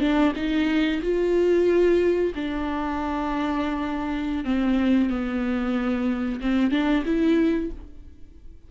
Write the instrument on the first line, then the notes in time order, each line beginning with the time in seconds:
viola
0.00 D4
0.36 D#4
1.02 F4
2.35 D4
4.44 C4
5.10 B3
6.40 C4
6.71 D4
7.05 E4